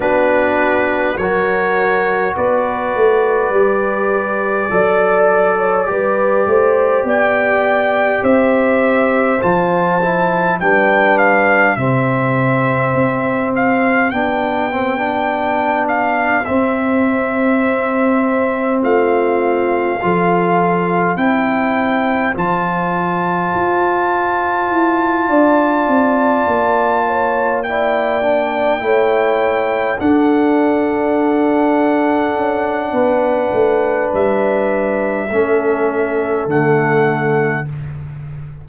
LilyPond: <<
  \new Staff \with { instrumentName = "trumpet" } { \time 4/4 \tempo 4 = 51 b'4 cis''4 d''2~ | d''2 g''4 e''4 | a''4 g''8 f''8 e''4. f''8 | g''4. f''8 e''2 |
f''2 g''4 a''4~ | a''2.~ a''8 g''8~ | g''4. fis''2~ fis''8~ | fis''4 e''2 fis''4 | }
  \new Staff \with { instrumentName = "horn" } { \time 4/4 fis'4 ais'4 b'2 | d''8. cis''16 b'8 c''8 d''4 c''4~ | c''4 b'4 g'2~ | g'1 |
f'4 a'4 c''2~ | c''4. d''4. cis''8 d''8~ | d''8 cis''4 a'2~ a'8 | b'2 a'2 | }
  \new Staff \with { instrumentName = "trombone" } { \time 4/4 d'4 fis'2 g'4 | a'4 g'2. | f'8 e'8 d'4 c'2 | d'8 c'16 d'4~ d'16 c'2~ |
c'4 f'4 e'4 f'4~ | f'2.~ f'8 e'8 | d'8 e'4 d'2~ d'8~ | d'2 cis'4 a4 | }
  \new Staff \with { instrumentName = "tuba" } { \time 4/4 b4 fis4 b8 a8 g4 | fis4 g8 a8 b4 c'4 | f4 g4 c4 c'4 | b2 c'2 |
a4 f4 c'4 f4 | f'4 e'8 d'8 c'8 ais4.~ | ais8 a4 d'2 cis'8 | b8 a8 g4 a4 d4 | }
>>